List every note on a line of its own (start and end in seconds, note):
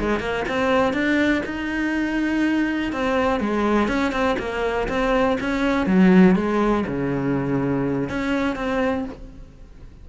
0.00 0.20 G#3
0.20 0.44 A#3
0.49 0.94 C4
0.94 1.43 D4
1.46 2.93 D#4
2.93 3.40 C4
3.40 3.89 G#3
3.89 4.12 C#4
4.12 4.37 C4
4.39 4.88 A#3
4.89 5.38 C4
5.41 5.87 C#4
5.87 6.36 F#3
6.36 6.85 G#3
6.87 8.09 C#3
8.09 8.56 C#4
8.56 9.05 C4